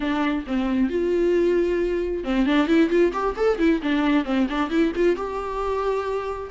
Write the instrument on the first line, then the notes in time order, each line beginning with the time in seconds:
viola
0.00 D4
0.46 C4
0.89 F4
2.23 C4
2.45 D4
2.67 E4
2.89 F4
3.12 G4
3.36 A4
3.58 E4
3.82 D4
4.24 C4
4.49 D4
4.70 E4
4.95 F4
5.16 G4